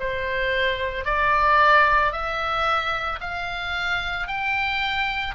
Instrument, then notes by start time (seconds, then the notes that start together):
oboe
0.00 C5
1.05 D5
2.12 E5
3.21 F5
4.28 G5